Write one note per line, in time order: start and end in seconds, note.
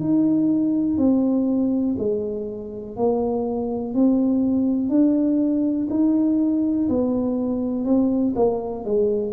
0.00 0.97 D#4
0.97 1.96 C4
1.99 2.96 G#3
2.96 3.94 A#3
3.94 4.89 C4
4.89 5.87 D4
5.90 6.89 D#4
6.89 7.85 B3
7.85 8.34 C4
8.36 8.85 A#3
8.85 9.33 G#3